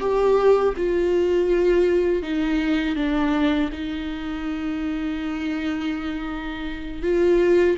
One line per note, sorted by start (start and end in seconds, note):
0.00 0.74 G4
0.77 2.23 F4
2.23 2.96 D#4
2.96 3.70 D4
3.72 7.03 D#4
7.03 7.77 F4